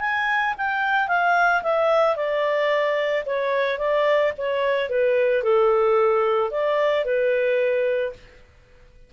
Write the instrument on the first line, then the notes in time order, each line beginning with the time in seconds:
clarinet
0.00 G#5
0.57 G5
1.08 F5
1.63 E5
2.16 D5
3.25 C#5
3.78 D5
4.38 C#5
4.89 B4
5.43 A4
6.51 D5
7.05 B4